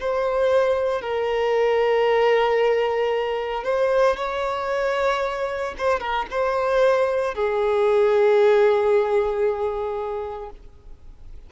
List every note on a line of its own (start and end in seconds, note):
0.00 1.01 C5
1.01 3.64 A#4
3.64 4.16 C5
4.17 5.75 C#5
5.78 6.00 C5
6.00 6.26 A#4
6.31 7.34 C5
7.34 10.50 G#4